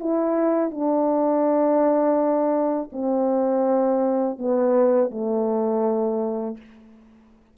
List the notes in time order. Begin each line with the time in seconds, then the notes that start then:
0.00 E4
0.71 D4
2.92 C4
4.38 B3
5.11 A3